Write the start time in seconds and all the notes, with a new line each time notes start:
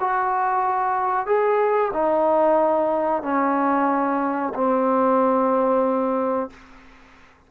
0.00 F#4
1.26 G#4
1.94 D#4
3.23 C#4
4.55 C4